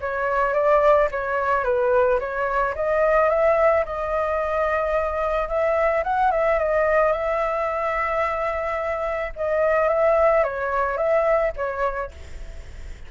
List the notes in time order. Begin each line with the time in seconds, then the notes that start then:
0.00 C#5
0.53 D5
1.11 C#5
1.64 B4
2.19 C#5
2.75 D#5
3.29 E5
3.85 D#5
5.48 E5
6.04 F#5
6.31 E5
6.58 D#5
7.12 E5
9.36 D#5
9.88 E5
10.43 C#5
10.97 E5
11.56 C#5